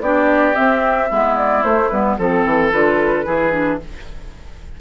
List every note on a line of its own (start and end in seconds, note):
0.00 0.54 B3
0.00 0.53 D4
0.00 1.09 G4
0.00 0.55 D5
0.53 1.07 C4
0.53 1.11 C4
0.53 1.36 E5
1.09 1.64 G#3
1.09 1.63 B3
1.09 2.17 E4
1.36 1.63 D5
1.63 1.90 A3
1.63 1.91 A3
1.63 1.89 C5
1.89 2.18 G3
1.89 2.18 B3
1.89 2.16 B4
2.18 2.45 F3
2.18 2.72 C4
2.18 3.25 A4
2.18 2.71 A4
2.45 2.72 E3
2.71 3.26 D3
2.71 3.24 F4
2.71 3.79 B4
3.24 3.80 E3
3.24 3.51 E4
3.24 3.79 G#4
3.51 3.78 D4